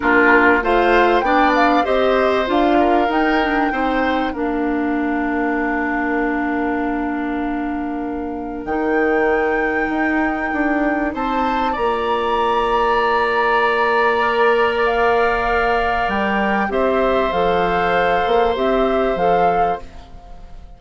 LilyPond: <<
  \new Staff \with { instrumentName = "flute" } { \time 4/4 \tempo 4 = 97 ais'4 f''4 g''8 f''8 dis''4 | f''4 g''2 f''4~ | f''1~ | f''2 g''2~ |
g''2 a''4 ais''4~ | ais''1 | f''2 g''4 e''4 | f''2 e''4 f''4 | }
  \new Staff \with { instrumentName = "oboe" } { \time 4/4 f'4 c''4 d''4 c''4~ | c''8 ais'4. c''4 ais'4~ | ais'1~ | ais'1~ |
ais'2 c''4 d''4~ | d''1~ | d''2. c''4~ | c''1 | }
  \new Staff \with { instrumentName = "clarinet" } { \time 4/4 d'4 f'4 d'4 g'4 | f'4 dis'8 d'8 dis'4 d'4~ | d'1~ | d'2 dis'2~ |
dis'2. f'4~ | f'2. ais'4~ | ais'2. g'4 | a'2 g'4 a'4 | }
  \new Staff \with { instrumentName = "bassoon" } { \time 4/4 ais4 a4 b4 c'4 | d'4 dis'4 c'4 ais4~ | ais1~ | ais2 dis2 |
dis'4 d'4 c'4 ais4~ | ais1~ | ais2 g4 c'4 | f4. ais8 c'4 f4 | }
>>